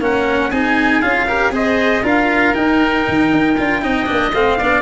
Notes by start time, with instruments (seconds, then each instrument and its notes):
0.00 tuba A#3, cello C#4, oboe A#4, trumpet F#5
0.50 tuba C4, cello D#4, oboe G#4, trumpet G#5
1.01 tuba C#4, cello F4, trumpet F5
1.27 cello G4, oboe A#4
1.51 tuba C4, cello G#4, oboe C5, trumpet D#5
2.03 tuba D4, cello F4, oboe A#4, trumpet F5
2.54 cello D#4, tuba D#4, trumpet G5
3.08 tuba D#3
3.32 tuba D#4
3.57 tuba D4, cello F4
3.81 tuba C4, cello D#4, oboe D#5
4.06 tuba A#3, cello D4
4.32 tuba A3, cello C4, trumpet F5
4.58 tuba B3, cello D4, oboe D5